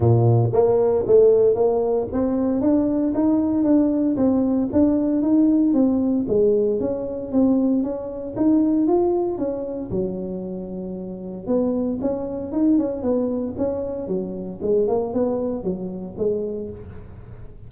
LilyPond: \new Staff \with { instrumentName = "tuba" } { \time 4/4 \tempo 4 = 115 ais,4 ais4 a4 ais4 | c'4 d'4 dis'4 d'4 | c'4 d'4 dis'4 c'4 | gis4 cis'4 c'4 cis'4 |
dis'4 f'4 cis'4 fis4~ | fis2 b4 cis'4 | dis'8 cis'8 b4 cis'4 fis4 | gis8 ais8 b4 fis4 gis4 | }